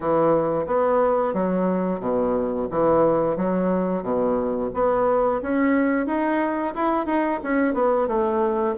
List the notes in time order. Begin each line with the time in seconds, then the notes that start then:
0.00 E3
0.66 B3
1.33 F#3
2.00 B2
2.70 E3
3.36 F#3
4.03 B2
4.73 B3
5.41 C#4
6.06 D#4
6.74 E4
7.06 D#4
7.43 C#4
7.73 B3
8.07 A3